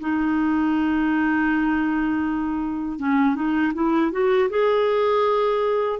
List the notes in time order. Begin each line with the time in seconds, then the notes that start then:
0.00 D#4
2.99 C#4
3.35 D#4
3.74 E4
4.11 F#4
4.50 G#4